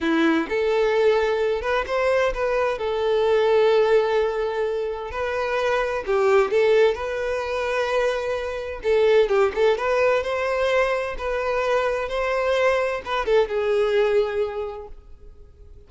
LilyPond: \new Staff \with { instrumentName = "violin" } { \time 4/4 \tempo 4 = 129 e'4 a'2~ a'8 b'8 | c''4 b'4 a'2~ | a'2. b'4~ | b'4 g'4 a'4 b'4~ |
b'2. a'4 | g'8 a'8 b'4 c''2 | b'2 c''2 | b'8 a'8 gis'2. | }